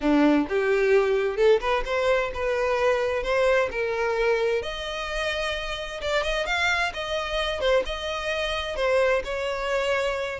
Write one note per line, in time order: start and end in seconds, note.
0.00 0.47 D4
0.48 1.37 G4
1.37 1.60 A4
1.60 1.83 B4
1.85 2.31 C5
2.34 3.23 B4
3.23 3.69 C5
3.71 4.62 A#4
4.62 6.00 D#5
6.01 6.23 D5
6.23 6.46 D#5
6.46 6.92 F5
6.93 7.60 D#5
7.60 7.83 C5
7.85 8.76 D#5
8.76 9.22 C5
9.24 10.39 C#5